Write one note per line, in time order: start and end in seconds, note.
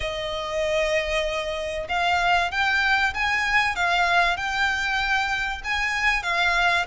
0.00 1.87 D#5
1.89 2.51 F5
2.51 3.13 G5
3.14 3.75 G#5
3.75 4.36 F5
4.36 5.61 G5
5.64 6.22 G#5
6.22 6.85 F5